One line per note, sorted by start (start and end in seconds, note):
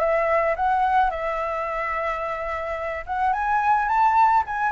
0.00 0.56 E5
0.57 1.11 F#5
1.11 3.05 E5
3.07 3.33 F#5
3.33 3.89 G#5
3.89 4.44 A5
4.47 4.72 G#5